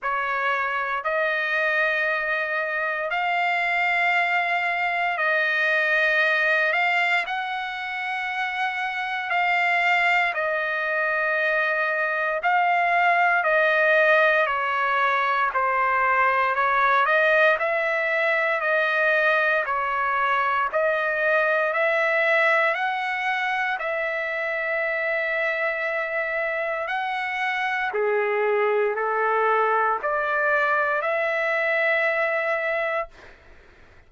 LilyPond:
\new Staff \with { instrumentName = "trumpet" } { \time 4/4 \tempo 4 = 58 cis''4 dis''2 f''4~ | f''4 dis''4. f''8 fis''4~ | fis''4 f''4 dis''2 | f''4 dis''4 cis''4 c''4 |
cis''8 dis''8 e''4 dis''4 cis''4 | dis''4 e''4 fis''4 e''4~ | e''2 fis''4 gis'4 | a'4 d''4 e''2 | }